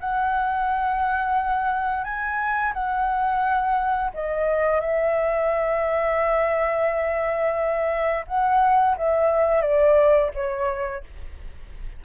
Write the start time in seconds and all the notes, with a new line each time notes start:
0.00 F#5
2.04 G#5
2.73 F#5
4.14 D#5
4.81 E5
8.27 F#5
8.97 E5
9.62 D5
10.34 C#5